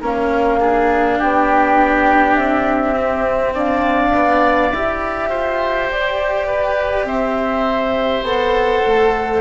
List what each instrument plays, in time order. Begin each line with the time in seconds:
0.00 bassoon A#3, cello C#4, oboe A#4, flute F5
0.60 cello D4, oboe G#4
1.18 bassoon B3, oboe G4, flute G5
2.35 bassoon C4, flute E5
2.94 cello C4
3.54 bassoon D4, oboe D5, flute F5
4.13 cello B3
4.72 bassoon E4, cello G4, flute E5
5.28 bassoon F4, oboe C5
5.90 bassoon G4, flute D5
6.46 oboe B4
7.04 bassoon C4, oboe C5, flute E5
8.22 bassoon B3, cello A4, flute F#5
8.85 bassoon A3